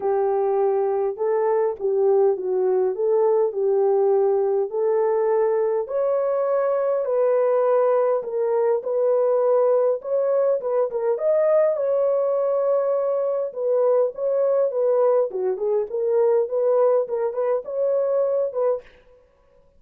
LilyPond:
\new Staff \with { instrumentName = "horn" } { \time 4/4 \tempo 4 = 102 g'2 a'4 g'4 | fis'4 a'4 g'2 | a'2 cis''2 | b'2 ais'4 b'4~ |
b'4 cis''4 b'8 ais'8 dis''4 | cis''2. b'4 | cis''4 b'4 fis'8 gis'8 ais'4 | b'4 ais'8 b'8 cis''4. b'8 | }